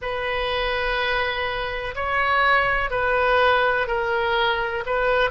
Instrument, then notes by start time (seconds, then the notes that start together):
oboe
0.01 B4
1.95 C#5
2.90 B4
3.87 A#4
4.86 B4